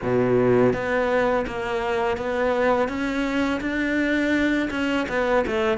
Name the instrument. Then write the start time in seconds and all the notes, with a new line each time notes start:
cello
0.02 B2
0.73 B3
1.46 A#3
2.17 B3
2.88 C#4
3.60 D4
4.70 C#4
5.09 B3
5.46 A3